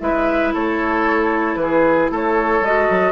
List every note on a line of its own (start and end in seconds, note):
0.00 0.54 G#3
0.00 2.63 E4
0.00 0.54 B4
0.00 0.53 E5
0.54 1.56 A3
0.54 1.60 A4
0.54 1.56 C#5
1.56 2.08 E3
1.56 2.12 G#4
1.56 2.09 B4
2.11 2.61 A3
2.11 3.13 A4
2.11 2.66 C#5
2.61 2.87 G#3
2.61 3.13 F#4
2.61 3.13 D#5
2.90 3.13 F#3